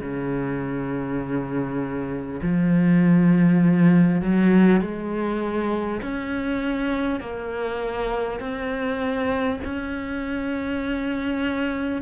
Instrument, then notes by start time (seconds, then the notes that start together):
cello
0.00 C#3
2.42 F3
4.21 F#3
4.81 G#3
6.01 C#4
7.20 A#3
8.39 C4
9.64 C#4